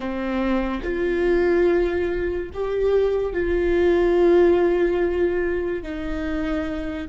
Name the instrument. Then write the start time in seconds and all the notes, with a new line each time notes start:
viola
0.00 C4
0.83 F4
2.53 G4
3.33 F4
5.83 D#4